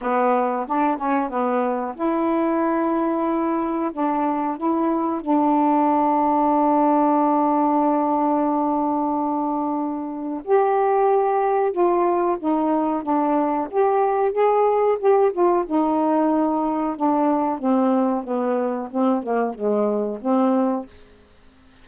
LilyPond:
\new Staff \with { instrumentName = "saxophone" } { \time 4/4 \tempo 4 = 92 b4 d'8 cis'8 b4 e'4~ | e'2 d'4 e'4 | d'1~ | d'1 |
g'2 f'4 dis'4 | d'4 g'4 gis'4 g'8 f'8 | dis'2 d'4 c'4 | b4 c'8 ais8 gis4 c'4 | }